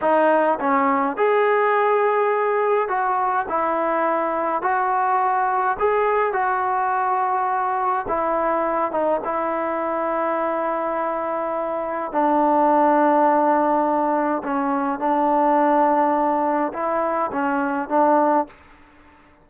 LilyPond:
\new Staff \with { instrumentName = "trombone" } { \time 4/4 \tempo 4 = 104 dis'4 cis'4 gis'2~ | gis'4 fis'4 e'2 | fis'2 gis'4 fis'4~ | fis'2 e'4. dis'8 |
e'1~ | e'4 d'2.~ | d'4 cis'4 d'2~ | d'4 e'4 cis'4 d'4 | }